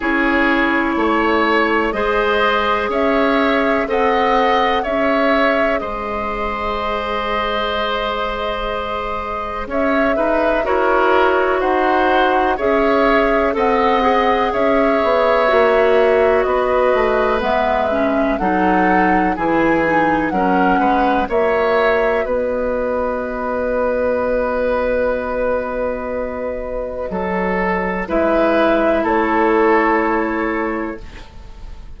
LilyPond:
<<
  \new Staff \with { instrumentName = "flute" } { \time 4/4 \tempo 4 = 62 cis''2 dis''4 e''4 | fis''4 e''4 dis''2~ | dis''2 e''4 cis''4 | fis''4 e''4 fis''4 e''4~ |
e''4 dis''4 e''4 fis''4 | gis''4 fis''4 e''4 dis''4~ | dis''1~ | dis''4 e''4 cis''2 | }
  \new Staff \with { instrumentName = "oboe" } { \time 4/4 gis'4 cis''4 c''4 cis''4 | dis''4 cis''4 c''2~ | c''2 cis''8 b'8 ais'4 | c''4 cis''4 dis''4 cis''4~ |
cis''4 b'2 a'4 | gis'4 ais'8 b'8 cis''4 b'4~ | b'1 | a'4 b'4 a'2 | }
  \new Staff \with { instrumentName = "clarinet" } { \time 4/4 e'2 gis'2 | a'4 gis'2.~ | gis'2. fis'4~ | fis'4 gis'4 a'8 gis'4. |
fis'2 b8 cis'8 dis'4 | e'8 dis'8 cis'4 fis'2~ | fis'1~ | fis'4 e'2. | }
  \new Staff \with { instrumentName = "bassoon" } { \time 4/4 cis'4 a4 gis4 cis'4 | c'4 cis'4 gis2~ | gis2 cis'8 dis'8 e'4 | dis'4 cis'4 c'4 cis'8 b8 |
ais4 b8 a8 gis4 fis4 | e4 fis8 gis8 ais4 b4~ | b1 | fis4 gis4 a2 | }
>>